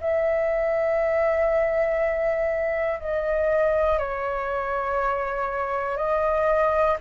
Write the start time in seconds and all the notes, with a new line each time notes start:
0.00 E5
3.00 D#5
3.99 C#5
5.97 D#5